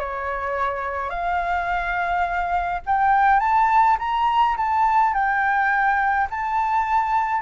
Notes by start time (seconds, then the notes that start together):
0.00 C#5
1.10 F5
2.87 G5
3.40 A5
3.99 A#5
4.57 A5
5.14 G5
6.31 A5